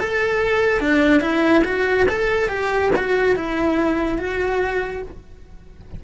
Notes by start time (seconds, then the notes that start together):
0.00 A4
0.80 D4
1.21 E4
1.64 F#4
2.09 A4
2.49 G4
2.96 F#4
3.36 E4
4.18 F#4